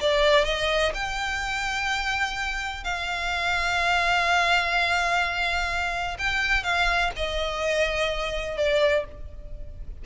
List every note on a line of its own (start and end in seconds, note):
0.00 0.45 D5
0.45 0.92 D#5
0.94 2.84 G5
2.84 6.17 F5
6.18 6.63 G5
6.63 7.11 F5
7.16 8.57 D#5
8.57 9.04 D5